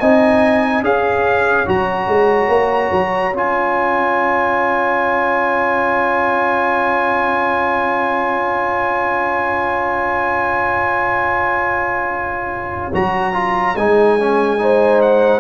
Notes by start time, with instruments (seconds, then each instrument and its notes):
0.00 tuba C4, trombone D#4, horn D#5, trumpet G#5
0.82 tuba C#4, trombone G#4, horn C#5, trumpet F5
1.66 tuba F#3, trombone F#4, trumpet A#5
2.07 tuba G#3
2.48 tuba A#3
2.92 tuba F#3
3.33 tuba C#4, trombone F4, trumpet G#5
12.94 tuba F#3, trombone F#4, trumpet A#5
13.33 trombone F4
13.76 tuba G#3, trombone D#4, trumpet G#5
14.20 trombone C#4
14.58 trombone D#4, horn C5
15.02 trumpet F#5